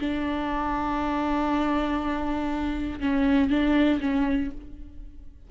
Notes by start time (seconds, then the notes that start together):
0.00 D4
3.00 C#4
3.50 D4
4.01 C#4